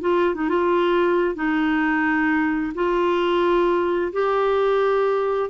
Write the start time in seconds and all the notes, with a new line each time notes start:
0.00 F4
0.34 D#4
0.49 F4
1.34 D#4
2.74 F4
4.13 G4